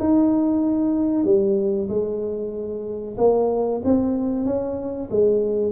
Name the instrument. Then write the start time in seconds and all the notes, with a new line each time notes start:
tuba
0.00 D#4
1.25 G3
1.89 G#3
3.18 A#3
3.84 C4
4.45 C#4
5.11 G#3